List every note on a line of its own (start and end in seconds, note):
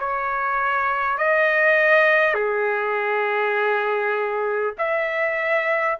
0.00 1.18 C#5
1.18 2.35 D#5
2.35 4.75 G#4
4.79 5.99 E5